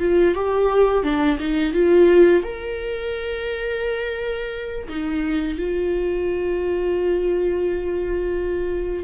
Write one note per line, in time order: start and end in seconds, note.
0.00 0.35 F4
0.35 1.03 G4
1.03 1.38 D4
1.40 1.73 D#4
1.73 2.43 F4
2.43 4.87 A#4
4.89 5.58 D#4
5.58 9.04 F4